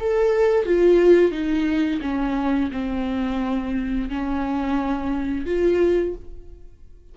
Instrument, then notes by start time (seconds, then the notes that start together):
viola
0.00 A4
0.66 F4
1.31 D#4
2.01 C#4
2.71 C4
4.09 C#4
5.45 F4